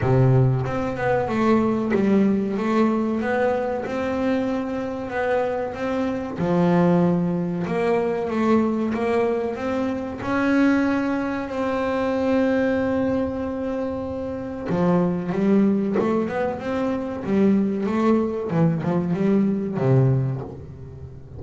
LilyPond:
\new Staff \with { instrumentName = "double bass" } { \time 4/4 \tempo 4 = 94 c4 c'8 b8 a4 g4 | a4 b4 c'2 | b4 c'4 f2 | ais4 a4 ais4 c'4 |
cis'2 c'2~ | c'2. f4 | g4 a8 b8 c'4 g4 | a4 e8 f8 g4 c4 | }